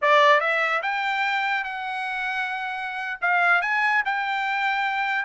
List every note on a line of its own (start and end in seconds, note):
0.01 0.40 D5
0.40 0.81 E5
0.82 1.63 G5
1.63 3.19 F#5
3.21 3.61 F5
3.61 4.03 G#5
4.05 5.25 G5